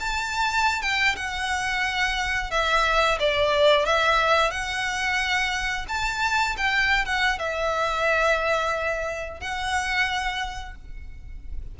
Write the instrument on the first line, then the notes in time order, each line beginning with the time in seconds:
violin
0.00 A5
0.82 G5
1.16 F#5
2.51 E5
3.20 D5
3.85 E5
4.51 F#5
5.89 A5
6.57 G5
7.05 F#5
7.39 E5
9.40 F#5